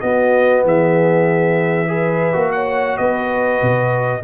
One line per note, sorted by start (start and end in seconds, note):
0.00 1.87 B3
0.00 0.64 B3
0.00 0.65 F#4
0.00 0.63 D#5
0.64 2.35 E3
0.64 1.89 G#4
0.64 2.52 E5
1.87 2.33 G#4
1.87 2.51 B4
2.33 2.97 A#3
2.33 4.20 F#4
2.52 2.97 C#5
2.52 2.97 F#5
2.97 3.61 B3
2.97 4.22 B4
2.97 4.22 D#5
3.62 4.24 B2